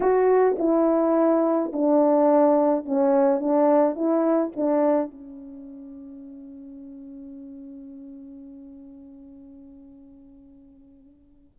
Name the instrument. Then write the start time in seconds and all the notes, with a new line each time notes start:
horn
0.00 F#4
0.58 E4
1.72 D4
2.85 C#4
3.39 D4
3.95 E4
4.56 D4
5.10 C#4